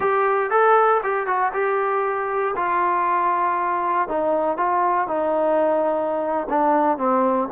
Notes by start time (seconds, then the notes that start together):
0.00 G4
0.50 A4
1.03 G4
1.26 F#4
1.53 G4
2.55 F4
4.08 D#4
4.57 F4
5.07 D#4
6.49 D4
6.97 C4